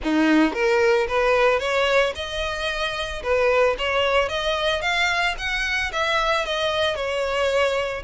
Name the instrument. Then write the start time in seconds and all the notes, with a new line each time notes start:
violin
0.03 D#4
0.53 A#4
1.08 B4
1.59 C#5
2.15 D#5
3.22 B4
3.78 C#5
4.28 D#5
4.81 F5
5.38 F#5
5.92 E5
6.45 D#5
6.95 C#5